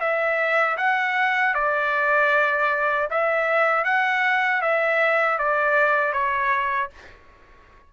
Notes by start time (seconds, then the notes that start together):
0.00 E5
0.77 F#5
1.55 D5
3.10 E5
3.85 F#5
4.62 E5
5.38 D5
6.13 C#5